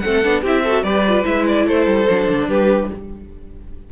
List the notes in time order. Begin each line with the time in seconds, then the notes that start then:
0.00 A3 C4 A4 F#5
0.23 B3 D4
0.42 C4 E4 G4 E5
0.64 F#4 A4
0.83 G3 G4 B4 D5
1.08 F4
1.24 G#3 E4 E5
1.47 D5
1.67 A3 A4 C5
1.86 G3
2.10 F#3 D4
2.29 D3
2.48 G3 G4 B4